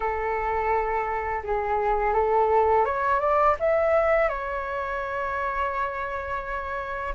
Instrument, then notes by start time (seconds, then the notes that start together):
flute
0.00 A4
1.43 G#4
2.13 A4
2.85 C#5
3.19 D5
3.59 E5
4.29 C#5